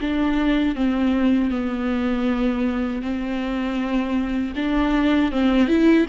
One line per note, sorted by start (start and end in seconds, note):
0.00 0.75 D4
0.75 1.51 C4
1.51 3.02 B3
3.02 4.54 C4
4.56 5.31 D4
5.31 5.68 C4
5.68 6.06 E4